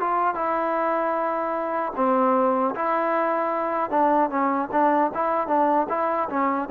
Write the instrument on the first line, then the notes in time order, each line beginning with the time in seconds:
trombone
0.00 F4
0.35 E4
1.96 C4
2.75 E4
3.90 D4
4.30 C#4
4.72 D4
5.15 E4
5.48 D4
5.89 E4
6.29 C#4